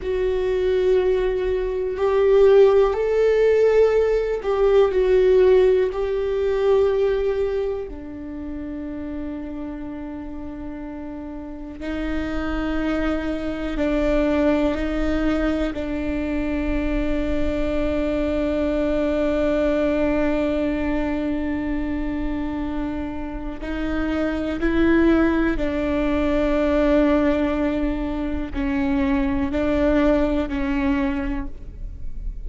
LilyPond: \new Staff \with { instrumentName = "viola" } { \time 4/4 \tempo 4 = 61 fis'2 g'4 a'4~ | a'8 g'8 fis'4 g'2 | d'1 | dis'2 d'4 dis'4 |
d'1~ | d'1 | dis'4 e'4 d'2~ | d'4 cis'4 d'4 cis'4 | }